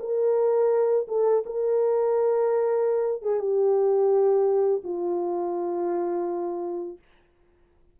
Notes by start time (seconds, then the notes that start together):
0.00 A#4
1.08 A4
1.45 A#4
3.22 G#4
3.39 G4
4.84 F4